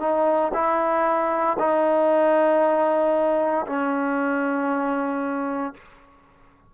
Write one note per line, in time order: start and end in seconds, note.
0.00 0.52 D#4
0.54 1.57 E4
1.59 3.66 D#4
3.67 5.74 C#4